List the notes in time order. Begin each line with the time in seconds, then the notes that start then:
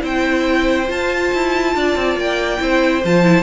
0.00 C4 E4 C5 G5
0.88 F4 A5
1.34 E4
1.76 D4 D5
1.96 C4
2.16 A#3 G5
2.59 C4 E4 C5
3.05 F3 F4 A5
3.23 E4